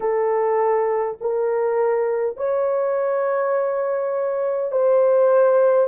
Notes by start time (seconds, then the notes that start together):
0.00 A4
1.21 A#4
2.36 C#5
4.71 C5